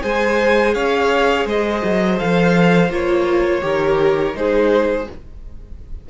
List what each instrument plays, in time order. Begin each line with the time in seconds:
0.00 cello G#3, viola G#4, violin C5 G#5
0.74 cello C#4, violin C#5 F5
1.45 cello G#3, violin C5 D#5
1.84 cello F#3
2.17 cello F3, viola A4, violin F5
2.89 cello A#3, viola F4, violin C#5
3.61 cello D#3, viola G4, violin A#4
4.34 cello G#3, viola D#4, violin G#4 C5